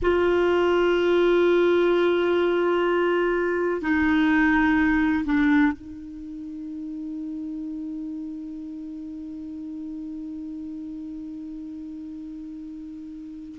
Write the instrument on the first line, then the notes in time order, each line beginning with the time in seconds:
clarinet
0.02 F4
3.81 D#4
5.24 D4
5.72 D#4